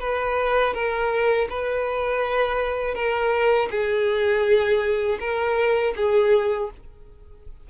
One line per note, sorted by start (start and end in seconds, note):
0.00 0.74 B4
0.74 1.48 A#4
1.49 2.95 B4
2.95 3.69 A#4
3.71 5.19 G#4
5.20 5.94 A#4
5.96 6.70 G#4